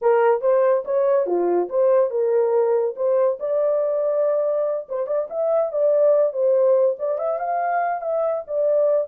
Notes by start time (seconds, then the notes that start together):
0.01 A#4
0.41 C5
0.85 C#5
1.26 F4
1.69 C5
2.10 A#4
2.96 C5
3.39 D5
4.88 C5
5.06 D5
5.30 E5
5.72 D5
6.32 C5
6.98 D5
7.18 E5
7.39 F5
8.01 E5
8.47 D5